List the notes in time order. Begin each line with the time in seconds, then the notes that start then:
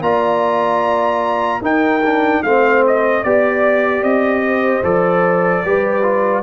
0.00 A#3 F4 D5 A#5
1.61 D#4 A#4 G5
2.04 D4
2.43 A3 C4 C5 F5
2.87 D#5
3.21 B3 G4 D5
4.02 C4 D#5
4.46 C5
4.83 F3 A4 D5
5.64 G3 G4 B4
6.02 F4